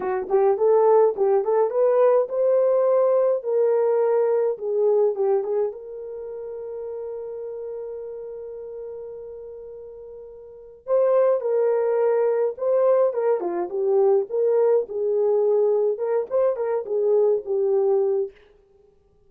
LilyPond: \new Staff \with { instrumentName = "horn" } { \time 4/4 \tempo 4 = 105 fis'8 g'8 a'4 g'8 a'8 b'4 | c''2 ais'2 | gis'4 g'8 gis'8 ais'2~ | ais'1~ |
ais'2. c''4 | ais'2 c''4 ais'8 f'8 | g'4 ais'4 gis'2 | ais'8 c''8 ais'8 gis'4 g'4. | }